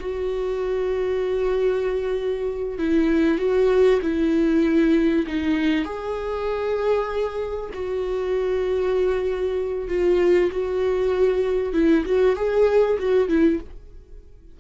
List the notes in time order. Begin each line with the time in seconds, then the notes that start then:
0.00 F#4
2.79 E4
3.38 F#4
4.02 E4
5.27 D#4
5.85 G#4
7.74 F#4
9.89 F4
10.52 F#4
11.73 E4
12.05 F#4
12.36 G#4
12.99 F#4
13.29 E4